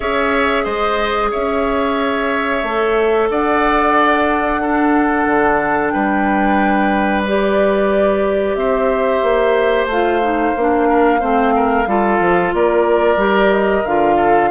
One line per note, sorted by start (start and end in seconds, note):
0.00 0.65 C#4
0.00 2.64 G#4
0.00 0.63 C#5
0.00 0.64 E5
0.63 1.31 G#3
0.63 1.29 C5
0.63 1.30 D#5
1.30 2.63 C#4
1.30 3.28 C#5
1.30 3.30 E5
2.63 3.29 A3
2.63 4.62 A4
3.29 5.26 D4
3.29 4.61 D5
3.29 5.89 F#5
4.61 7.26 D4
4.61 5.93 A4
5.26 5.92 D3
5.89 8.55 G3
5.89 8.56 B4
5.89 7.21 G5
7.24 9.90 G4
7.24 8.54 D5
8.54 9.21 C4
8.54 10.88 C5
8.54 9.86 E5
9.22 9.86 A#3
9.86 10.52 A3
9.86 10.21 F4
9.86 12.54 F5
10.21 10.54 D#4
10.56 11.22 A#3
10.56 11.19 D4
10.88 11.20 A#4
11.19 11.86 A3
11.19 11.85 C4
11.19 11.53 C5
11.55 11.88 A#4
11.86 12.19 G3
11.86 13.17 F4
11.86 12.54 A4
12.19 12.52 F3
12.53 13.16 A#3
12.53 14.16 A#4
12.53 13.52 D5
13.16 13.82 G3
13.16 13.83 G4
13.52 13.85 D#5
13.84 14.50 D3
13.84 14.51 F4
13.84 14.51 F5
14.16 14.49 A4